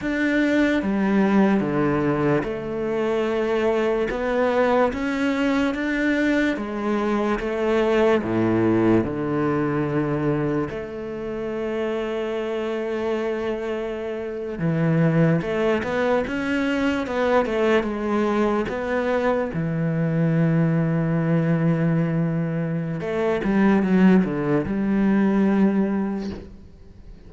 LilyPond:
\new Staff \with { instrumentName = "cello" } { \time 4/4 \tempo 4 = 73 d'4 g4 d4 a4~ | a4 b4 cis'4 d'4 | gis4 a4 a,4 d4~ | d4 a2.~ |
a4.~ a16 e4 a8 b8 cis'16~ | cis'8. b8 a8 gis4 b4 e16~ | e1 | a8 g8 fis8 d8 g2 | }